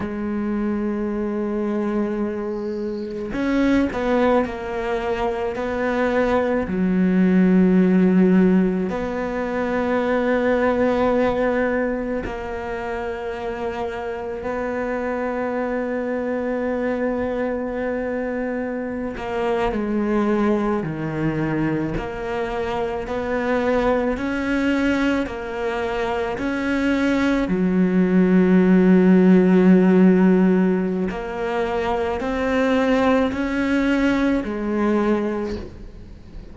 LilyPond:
\new Staff \with { instrumentName = "cello" } { \time 4/4 \tempo 4 = 54 gis2. cis'8 b8 | ais4 b4 fis2 | b2. ais4~ | ais4 b2.~ |
b4~ b16 ais8 gis4 dis4 ais16~ | ais8. b4 cis'4 ais4 cis'16~ | cis'8. fis2.~ fis16 | ais4 c'4 cis'4 gis4 | }